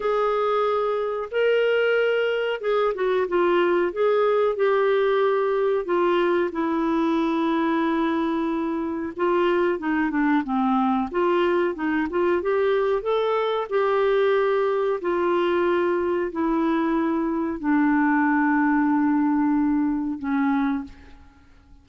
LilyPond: \new Staff \with { instrumentName = "clarinet" } { \time 4/4 \tempo 4 = 92 gis'2 ais'2 | gis'8 fis'8 f'4 gis'4 g'4~ | g'4 f'4 e'2~ | e'2 f'4 dis'8 d'8 |
c'4 f'4 dis'8 f'8 g'4 | a'4 g'2 f'4~ | f'4 e'2 d'4~ | d'2. cis'4 | }